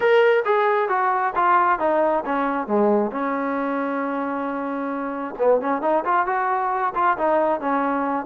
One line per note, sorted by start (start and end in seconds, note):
0.00 0.43 A#4
0.45 0.88 G#4
0.88 1.33 F#4
1.35 1.79 F4
1.79 2.23 D#4
2.25 2.67 C#4
2.67 3.11 G#3
3.11 5.34 C#4
5.38 5.60 B3
5.60 5.81 C#4
5.81 6.03 D#4
6.04 6.26 F4
6.26 6.93 F#4
6.94 7.17 F4
7.17 7.60 D#4
7.60 8.25 C#4